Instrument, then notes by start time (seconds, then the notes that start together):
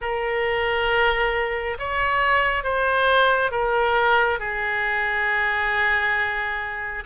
oboe
0.01 A#4
1.78 C#5
2.63 C5
3.51 A#4
4.39 G#4